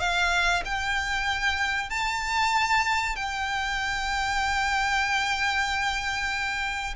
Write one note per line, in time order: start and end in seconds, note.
0.00 0.63 F5
0.65 1.90 G5
1.90 3.16 A5
3.16 6.95 G5